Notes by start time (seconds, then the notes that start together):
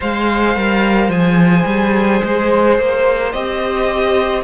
0.00 G#3 C5 F5
0.55 G3 A#4
1.09 F3 G#4 G#5
1.65 G3
2.23 G#3 C5
2.78 A#3
3.32 C4 G4 D#5